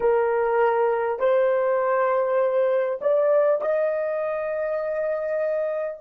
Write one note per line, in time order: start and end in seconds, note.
0.00 1.19 A#4
1.19 2.99 C5
3.01 3.61 D5
3.61 6.01 D#5